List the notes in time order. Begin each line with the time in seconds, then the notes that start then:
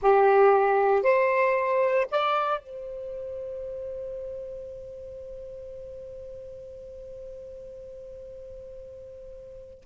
0.02 G4
1.03 C5
2.11 D5
2.60 C5